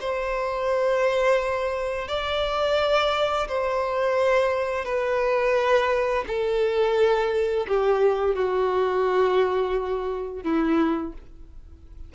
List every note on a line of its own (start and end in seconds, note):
0.00 2.08 C5
2.08 3.47 D5
3.48 4.85 C5
4.85 6.24 B4
6.27 7.66 A4
7.67 8.35 G4
8.35 10.43 F#4
10.43 11.12 E4